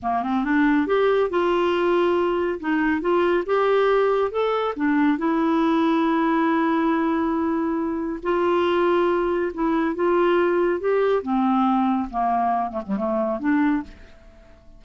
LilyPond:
\new Staff \with { instrumentName = "clarinet" } { \time 4/4 \tempo 4 = 139 ais8 c'8 d'4 g'4 f'4~ | f'2 dis'4 f'4 | g'2 a'4 d'4 | e'1~ |
e'2. f'4~ | f'2 e'4 f'4~ | f'4 g'4 c'2 | ais4. a16 g16 a4 d'4 | }